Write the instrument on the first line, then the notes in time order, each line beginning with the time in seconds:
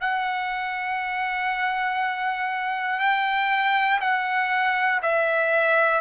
trumpet
0.00 F#5
3.00 G5
4.00 F#5
5.02 E5